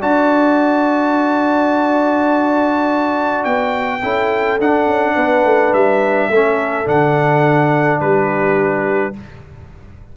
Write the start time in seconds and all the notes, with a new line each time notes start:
0.00 D4 F#4 D5 A5
3.44 B3 G5
4.02 C#4 E4 A4
4.60 D4 F#5
4.86 C#4
5.15 B3 B4
5.44 A3
5.73 G3 E5
6.29 A3 C#4 A4
6.85 D3 D4 F#5
8.00 G3 G4 B4